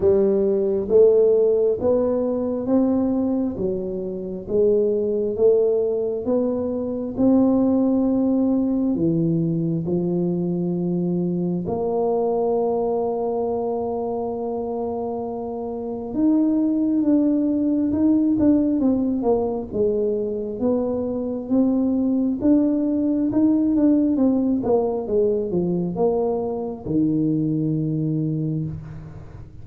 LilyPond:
\new Staff \with { instrumentName = "tuba" } { \time 4/4 \tempo 4 = 67 g4 a4 b4 c'4 | fis4 gis4 a4 b4 | c'2 e4 f4~ | f4 ais2.~ |
ais2 dis'4 d'4 | dis'8 d'8 c'8 ais8 gis4 b4 | c'4 d'4 dis'8 d'8 c'8 ais8 | gis8 f8 ais4 dis2 | }